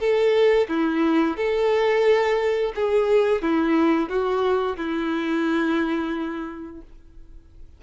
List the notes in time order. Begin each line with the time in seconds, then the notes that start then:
0.00 A4
0.69 E4
1.37 A4
2.76 G#4
3.42 E4
4.10 F#4
4.78 E4